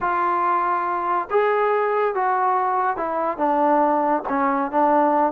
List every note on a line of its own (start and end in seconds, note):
0.00 1.28 F4
1.30 2.15 G#4
2.15 2.96 F#4
2.96 3.37 E4
3.37 4.22 D4
4.28 4.71 C#4
4.71 5.32 D4